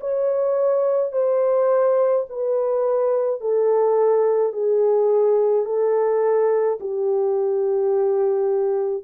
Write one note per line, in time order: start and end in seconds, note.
0.00 1.12 C#5
1.12 2.25 C5
2.29 3.40 B4
3.40 4.52 A4
4.52 5.65 G#4
5.65 6.78 A4
6.80 9.04 G4